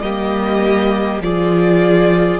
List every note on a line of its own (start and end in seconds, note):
0.00 1.19 G3
0.00 1.22 A#3
0.00 1.23 G4
0.00 1.20 D#5
1.19 2.39 F3
1.19 2.40 F4
1.19 2.40 G#4
1.19 2.40 D5